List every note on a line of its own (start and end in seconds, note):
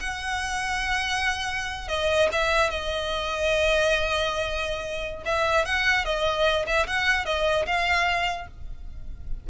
0.00 1.88 F#5
1.88 2.29 D#5
2.32 2.70 E5
2.70 5.24 D#5
5.26 5.66 E5
5.66 6.05 F#5
6.05 6.66 D#5
6.67 6.87 E5
6.87 7.25 F#5
7.25 7.66 D#5
7.67 8.48 F5